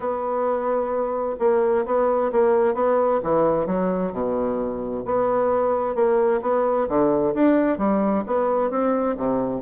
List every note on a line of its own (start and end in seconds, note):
0.00 1.35 B3
1.39 1.85 A#3
1.85 2.31 B3
2.32 2.74 A#3
2.74 3.20 B3
3.23 3.66 E3
3.66 4.12 F#3
4.12 5.04 B2
5.05 5.95 B3
5.95 6.40 A#3
6.41 6.87 B3
6.88 7.34 D3
7.34 7.78 D4
7.78 8.24 G3
8.26 8.70 B3
8.70 9.16 C4
9.16 9.61 C3